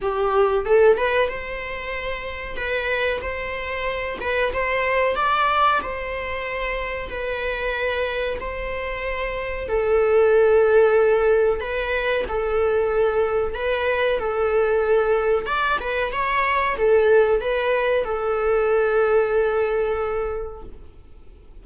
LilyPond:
\new Staff \with { instrumentName = "viola" } { \time 4/4 \tempo 4 = 93 g'4 a'8 b'8 c''2 | b'4 c''4. b'8 c''4 | d''4 c''2 b'4~ | b'4 c''2 a'4~ |
a'2 b'4 a'4~ | a'4 b'4 a'2 | d''8 b'8 cis''4 a'4 b'4 | a'1 | }